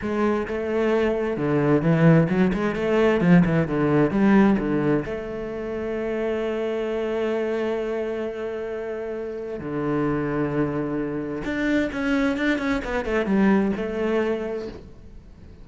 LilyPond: \new Staff \with { instrumentName = "cello" } { \time 4/4 \tempo 4 = 131 gis4 a2 d4 | e4 fis8 gis8 a4 f8 e8 | d4 g4 d4 a4~ | a1~ |
a1~ | a4 d2.~ | d4 d'4 cis'4 d'8 cis'8 | b8 a8 g4 a2 | }